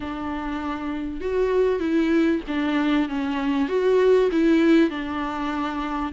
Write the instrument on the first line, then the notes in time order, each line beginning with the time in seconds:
viola
0.00 D4
1.21 F#4
1.79 E4
2.47 D4
3.08 C#4
3.68 F#4
4.31 E4
4.90 D4